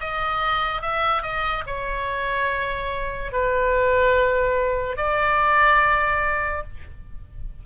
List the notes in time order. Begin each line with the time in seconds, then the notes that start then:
0.00 D#5
0.82 E5
1.23 D#5
1.66 C#5
3.32 B4
4.97 D5